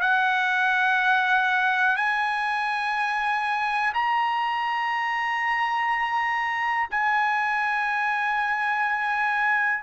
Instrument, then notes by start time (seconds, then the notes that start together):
trumpet
0.00 F#5
1.96 G#5
3.93 A#5
6.90 G#5